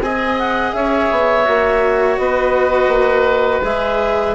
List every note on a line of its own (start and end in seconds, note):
0.00 0.72 C4
0.00 1.44 G#4
0.00 0.76 D#5
0.00 0.37 G#5
0.38 0.73 F#5
0.73 1.09 C#4
0.73 2.21 C#5
0.73 2.17 E5
1.11 1.47 B3
1.44 2.18 A#3
1.44 3.61 F#4
2.17 2.87 B3
2.17 4.35 B4
2.17 3.62 D#5
2.87 3.60 A#3
3.63 4.35 G#3
3.63 4.35 G#4
3.63 4.35 E5